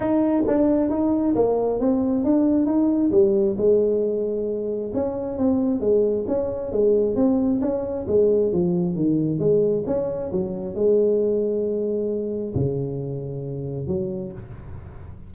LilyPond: \new Staff \with { instrumentName = "tuba" } { \time 4/4 \tempo 4 = 134 dis'4 d'4 dis'4 ais4 | c'4 d'4 dis'4 g4 | gis2. cis'4 | c'4 gis4 cis'4 gis4 |
c'4 cis'4 gis4 f4 | dis4 gis4 cis'4 fis4 | gis1 | cis2. fis4 | }